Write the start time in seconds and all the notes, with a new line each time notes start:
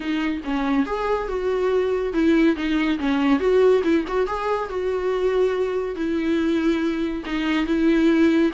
0.00 D#4
0.44 C#4
0.86 G#4
1.28 F#4
2.13 E4
2.56 D#4
2.98 C#4
3.39 F#4
3.83 E4
4.07 F#4
4.26 G#4
4.69 F#4
5.95 E4
7.25 D#4
7.66 E4